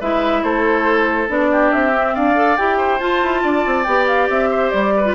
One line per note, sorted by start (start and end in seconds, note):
0.00 0.43 G#3
0.00 1.28 E4
0.00 0.43 B4
0.00 0.43 E5
0.43 1.28 A3
0.43 1.51 A4
0.43 1.29 C5
1.28 1.71 B3
1.28 1.92 D4
1.28 1.72 D5
1.51 2.15 G4
1.72 2.16 C4
1.72 2.15 E5
1.94 2.35 C4
2.15 2.58 D4
2.15 2.77 D5
2.15 2.57 F5
2.35 2.56 A4
2.57 3.01 E4
2.57 3.00 G4
2.57 2.99 G5
2.77 3.41 C5
2.99 3.85 F4
2.99 3.22 F4
2.99 3.84 A5
3.23 3.44 E4
3.42 3.65 D4
3.42 4.50 D5
3.66 3.86 C4
3.84 4.29 B3
3.84 5.04 G4
3.84 4.05 G5
4.07 4.28 F5
4.29 4.72 C4
4.29 4.70 E5
4.50 4.93 C5
4.70 5.15 G3
4.70 5.13 D5
4.97 5.15 B4
5.04 5.15 F4